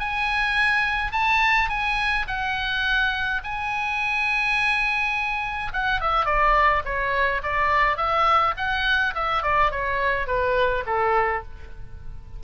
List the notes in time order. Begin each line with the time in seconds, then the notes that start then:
0.00 G#5
1.12 A5
1.70 G#5
2.28 F#5
3.44 G#5
5.74 F#5
6.01 E5
6.26 D5
6.85 C#5
7.43 D5
7.97 E5
8.57 F#5
9.15 E5
9.43 D5
9.71 C#5
10.27 B4
10.86 A4